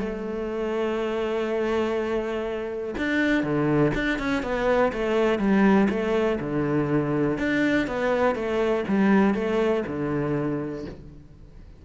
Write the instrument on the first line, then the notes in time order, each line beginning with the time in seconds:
cello
0.00 A3
2.98 D4
3.44 D3
3.95 D4
4.19 C#4
4.43 B3
4.93 A3
5.39 G3
5.90 A3
6.40 D3
7.38 D4
7.87 B3
8.35 A3
8.88 G3
9.35 A3
9.87 D3